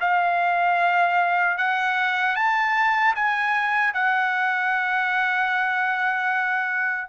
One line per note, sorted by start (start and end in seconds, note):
0.00 1.57 F5
1.57 2.35 F#5
2.35 3.14 A5
3.15 3.93 G#5
3.93 7.08 F#5